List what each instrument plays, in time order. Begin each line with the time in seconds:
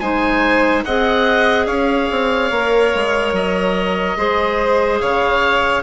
0.00 bassoon G#3, clarinet D#4, violin C5, oboe G#5
0.85 bassoon C4, clarinet G#4, violin D#5, oboe F#5
1.66 bassoon C#4, violin C#5, oboe F5
2.10 bassoon C4
2.51 bassoon A#3, clarinet A#4
2.95 bassoon G#3
3.32 bassoon F#3, oboe D#5
4.17 bassoon G#3, clarinet G#4, violin C5
4.99 bassoon C#3, violin C#5, oboe F5